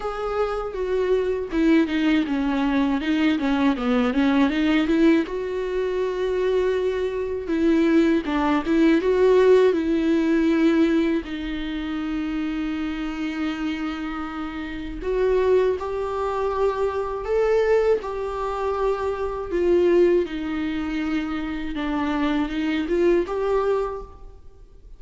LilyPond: \new Staff \with { instrumentName = "viola" } { \time 4/4 \tempo 4 = 80 gis'4 fis'4 e'8 dis'8 cis'4 | dis'8 cis'8 b8 cis'8 dis'8 e'8 fis'4~ | fis'2 e'4 d'8 e'8 | fis'4 e'2 dis'4~ |
dis'1 | fis'4 g'2 a'4 | g'2 f'4 dis'4~ | dis'4 d'4 dis'8 f'8 g'4 | }